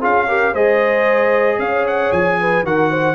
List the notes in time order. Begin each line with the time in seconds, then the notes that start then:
0.00 C#4 F4 G#4 F5
0.28 G4 A#4
0.53 G#3 G#4 C5 D#5
1.59 C#4 C#5 F5
1.87 F#5
2.12 F3 G#5
2.41 B4
2.63 D#3 F#4 A#4 F#5
2.91 C5